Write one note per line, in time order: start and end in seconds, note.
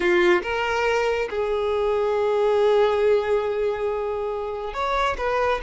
0.00 0.41 F4
0.42 1.28 A#4
1.29 4.73 G#4
4.73 5.17 C#5
5.17 5.60 B4